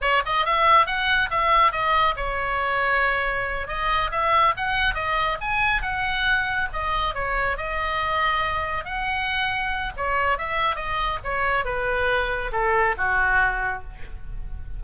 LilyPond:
\new Staff \with { instrumentName = "oboe" } { \time 4/4 \tempo 4 = 139 cis''8 dis''8 e''4 fis''4 e''4 | dis''4 cis''2.~ | cis''8 dis''4 e''4 fis''4 dis''8~ | dis''8 gis''4 fis''2 dis''8~ |
dis''8 cis''4 dis''2~ dis''8~ | dis''8 fis''2~ fis''8 cis''4 | e''4 dis''4 cis''4 b'4~ | b'4 a'4 fis'2 | }